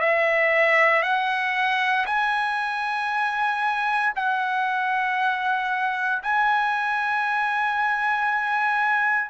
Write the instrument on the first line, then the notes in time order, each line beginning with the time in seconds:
trumpet
0.00 E5
1.03 F#5
2.06 G#5
4.16 F#5
6.23 G#5